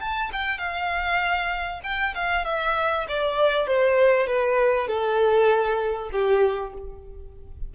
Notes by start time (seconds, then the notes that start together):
0.00 A5
0.33 G5
0.58 F5
1.83 G5
2.15 F5
2.45 E5
3.08 D5
3.67 C5
4.27 B4
4.88 A4
6.12 G4